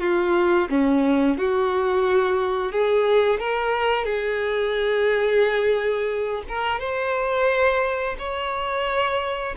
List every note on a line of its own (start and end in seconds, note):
0.00 0.68 F4
0.70 1.38 C#4
1.38 2.72 F#4
2.72 3.40 G#4
3.40 4.05 A#4
4.05 6.43 G#4
6.48 6.79 A#4
6.79 8.16 C5
8.18 9.55 C#5